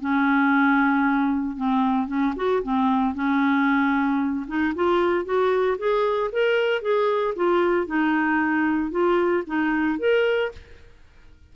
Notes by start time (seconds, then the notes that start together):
0.00 C#4
1.57 C4
2.07 C#4
2.36 F#4
2.63 C4
3.14 C#4
4.47 D#4
4.75 F4
5.25 F#4
5.78 G#4
6.32 A#4
6.82 G#4
7.36 F4
7.86 D#4
8.91 F4
9.46 D#4
9.99 A#4